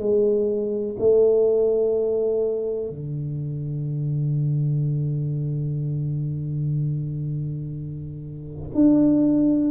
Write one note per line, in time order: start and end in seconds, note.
0.00 0.97 G#3
0.99 2.90 A3
2.90 8.71 D3
8.75 9.71 D4